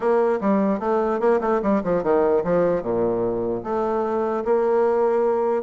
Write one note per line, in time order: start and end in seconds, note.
0.00 0.39 A#3
0.40 0.79 G3
0.79 1.20 A3
1.20 1.40 A#3
1.41 1.61 A3
1.62 1.82 G3
1.83 2.03 F3
2.03 2.43 D#3
2.43 2.82 F3
2.82 3.62 A#2
3.63 4.43 A3
4.44 5.63 A#3